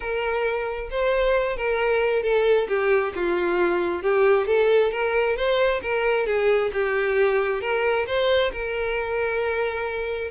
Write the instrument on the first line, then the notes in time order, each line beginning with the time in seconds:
violin
0.00 A#4
0.90 C5
1.56 A#4
2.22 A4
2.68 G4
3.15 F4
4.02 G4
4.47 A4
4.91 A#4
5.36 C5
5.82 A#4
6.26 G#4
6.73 G4
7.61 A#4
8.06 C5
8.52 A#4